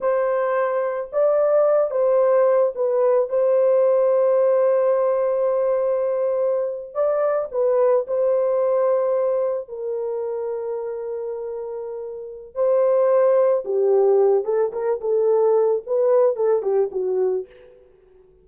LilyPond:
\new Staff \with { instrumentName = "horn" } { \time 4/4 \tempo 4 = 110 c''2 d''4. c''8~ | c''4 b'4 c''2~ | c''1~ | c''8. d''4 b'4 c''4~ c''16~ |
c''4.~ c''16 ais'2~ ais'16~ | ais'2. c''4~ | c''4 g'4. a'8 ais'8 a'8~ | a'4 b'4 a'8 g'8 fis'4 | }